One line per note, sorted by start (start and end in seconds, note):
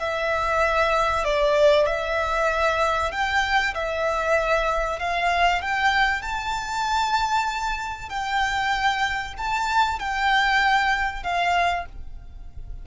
0.00 1.25 E5
1.25 1.87 D5
1.87 3.12 E5
3.12 3.75 G5
3.75 5.00 E5
5.00 5.62 F5
5.62 6.23 G5
6.23 8.10 A5
8.10 9.35 G5
9.38 10.00 A5
10.00 11.24 G5
11.24 11.86 F5